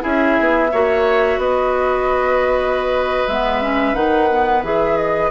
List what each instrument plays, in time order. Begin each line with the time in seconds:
0.00 bassoon C#4, clarinet E4, oboe G#4, flute E5
0.39 bassoon B3
0.71 bassoon A#3, clarinet F#4, oboe C#5
1.37 bassoon B3, oboe B4, flute D#5
3.27 bassoon G#3, clarinet B3, flute E5
3.61 clarinet C#4
3.94 bassoon D#3, clarinet D#4, flute F#5
4.30 clarinet B3
4.62 bassoon E3, clarinet G#4, flute E5
4.97 flute D#5